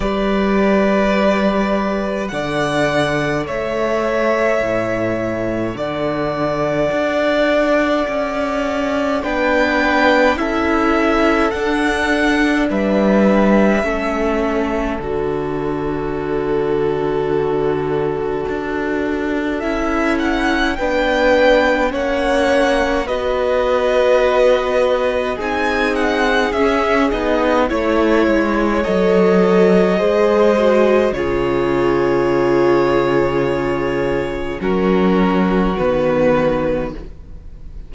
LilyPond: <<
  \new Staff \with { instrumentName = "violin" } { \time 4/4 \tempo 4 = 52 d''2 fis''4 e''4~ | e''4 fis''2. | g''4 e''4 fis''4 e''4~ | e''4 d''2.~ |
d''4 e''8 fis''8 g''4 fis''4 | dis''2 gis''8 fis''8 e''8 dis''8 | cis''4 dis''2 cis''4~ | cis''2 ais'4 b'4 | }
  \new Staff \with { instrumentName = "violin" } { \time 4/4 b'2 d''4 cis''4~ | cis''4 d''2. | b'4 a'2 b'4 | a'1~ |
a'2 b'4 cis''4 | b'2 gis'2 | cis''2 c''4 gis'4~ | gis'2 fis'2 | }
  \new Staff \with { instrumentName = "viola" } { \time 4/4 g'2 a'2~ | a'1 | d'4 e'4 d'2 | cis'4 fis'2.~ |
fis'4 e'4 d'4 cis'4 | fis'2 dis'4 cis'8 dis'8 | e'4 a'4 gis'8 fis'8 f'4~ | f'2 cis'4 b4 | }
  \new Staff \with { instrumentName = "cello" } { \time 4/4 g2 d4 a4 | a,4 d4 d'4 cis'4 | b4 cis'4 d'4 g4 | a4 d2. |
d'4 cis'4 b4 ais4 | b2 c'4 cis'8 b8 | a8 gis8 fis4 gis4 cis4~ | cis2 fis4 dis4 | }
>>